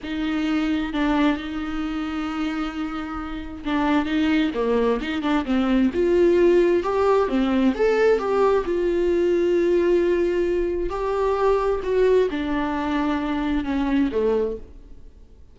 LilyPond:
\new Staff \with { instrumentName = "viola" } { \time 4/4 \tempo 4 = 132 dis'2 d'4 dis'4~ | dis'1 | d'4 dis'4 ais4 dis'8 d'8 | c'4 f'2 g'4 |
c'4 a'4 g'4 f'4~ | f'1 | g'2 fis'4 d'4~ | d'2 cis'4 a4 | }